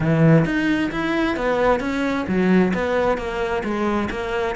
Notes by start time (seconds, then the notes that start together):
0.00 E3
0.45 D#4
0.91 E4
1.36 B3
1.80 C#4
2.27 F#3
2.74 B3
3.17 A#3
3.64 G#3
4.10 A#3